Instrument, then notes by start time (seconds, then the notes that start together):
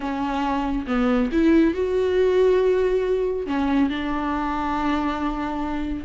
viola
0.00 C#4
0.86 B3
1.32 E4
1.74 F#4
3.46 C#4
3.89 D4